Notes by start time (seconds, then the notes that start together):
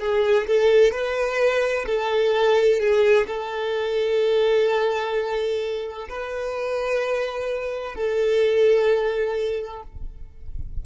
0.00 G#4
0.47 A4
0.92 B4
1.86 A4
2.80 G#4
3.27 A4
6.09 B4
7.95 A4